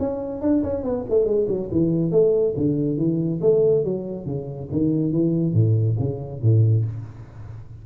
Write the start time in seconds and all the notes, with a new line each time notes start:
0.00 C#4
0.42 D4
0.64 C#4
0.84 B3
1.10 A3
1.26 G#3
1.49 F#3
1.72 E3
2.12 A3
2.57 D3
2.98 E3
3.42 A3
3.85 F#3
4.26 C#3
4.72 D#3
5.13 E3
5.54 A2
6.00 C#3
6.42 A2